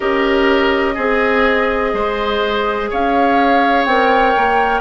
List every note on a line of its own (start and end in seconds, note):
0.00 0.96 C#4
0.00 0.95 G4
0.00 0.94 A#4
0.00 2.89 D#5
0.94 1.93 C4
0.94 1.91 G#4
0.94 3.89 G#4
1.93 2.90 G#3
1.93 2.90 C5
2.90 3.85 C#4
2.90 4.80 C#5
2.90 3.84 F5
3.84 4.33 C4
3.84 4.80 A#4
3.84 4.80 G5
4.36 4.80 A#3